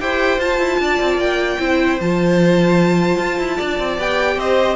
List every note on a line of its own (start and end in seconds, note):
0.00 0.38 E4
0.00 0.40 G4
0.00 0.81 C5
0.00 0.40 G5
0.38 0.58 F4
0.38 1.59 F4
0.38 1.20 A5
0.58 0.78 E4
0.79 0.99 D4
0.79 1.60 D5
1.00 1.17 C4
1.17 1.57 A#3
1.17 2.00 G5
1.59 1.99 C4
1.59 1.99 E4
1.59 3.57 C5
2.00 3.18 F3
2.00 3.99 F4
2.00 4.00 A5
3.18 3.38 F4
3.38 3.58 E4
3.57 3.79 D4
3.57 4.37 D5
3.79 3.97 C4
3.97 4.36 B3
3.97 4.76 G4
3.97 4.39 G5
4.36 4.76 C4
4.36 4.76 C5
4.36 4.76 D#5